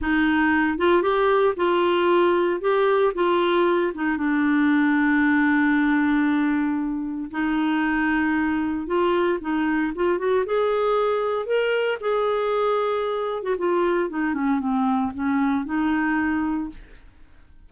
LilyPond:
\new Staff \with { instrumentName = "clarinet" } { \time 4/4 \tempo 4 = 115 dis'4. f'8 g'4 f'4~ | f'4 g'4 f'4. dis'8 | d'1~ | d'2 dis'2~ |
dis'4 f'4 dis'4 f'8 fis'8 | gis'2 ais'4 gis'4~ | gis'4.~ gis'16 fis'16 f'4 dis'8 cis'8 | c'4 cis'4 dis'2 | }